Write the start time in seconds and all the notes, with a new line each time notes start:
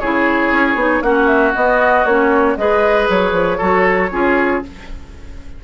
0.00 C#3 E4 G#4 C#5
0.52 C#4
0.75 B3 D#4
1.02 A#3 C#4 F#4 F#5
1.27 E5
1.55 B3 D#5
2.05 A#3 C#4 C#5
2.57 G#3 G#4 B4 D#5
3.10 F#3 C#5
3.32 F3
3.58 F#3 F#4 A4
4.11 C#4 F4 G#4